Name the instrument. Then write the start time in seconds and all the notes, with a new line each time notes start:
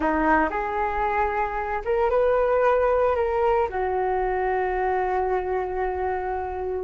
flute
0.00 D#4
0.50 G#4
1.84 A#4
2.10 B4
3.15 A#4
3.69 F#4